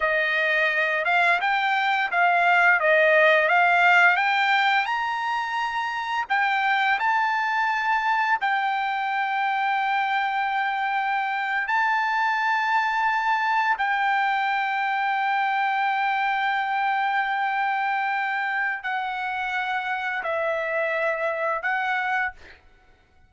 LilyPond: \new Staff \with { instrumentName = "trumpet" } { \time 4/4 \tempo 4 = 86 dis''4. f''8 g''4 f''4 | dis''4 f''4 g''4 ais''4~ | ais''4 g''4 a''2 | g''1~ |
g''8. a''2. g''16~ | g''1~ | g''2. fis''4~ | fis''4 e''2 fis''4 | }